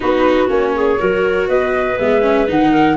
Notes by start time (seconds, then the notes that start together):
0.00 B3 D#4 F#4 B4
0.48 A#3 C#4 C#5
0.75 G#4
0.99 F#3 F#4 A#4
1.48 B3 B4 D#5
1.98 G#3 B3 E5
2.21 C#4
2.47 D#3 D#4 F#5
2.70 A#4